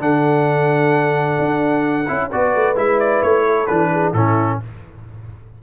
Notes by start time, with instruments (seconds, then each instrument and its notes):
0.00 tuba D3, trombone D4, horn A4, trumpet F#5
1.39 tuba D4
2.08 tuba C#4, trombone E4
2.31 tuba B3, trombone F#4, horn B4, trumpet D5
2.55 tuba A3
2.76 tuba G#3, trombone E4, trumpet E5
3.00 trumpet D5
3.23 tuba A3, trumpet C#5
3.46 horn A4
3.67 tuba E3, trombone D4, trumpet B4
3.92 horn G#4
4.14 tuba A2, trombone C#4, horn E4, trumpet A4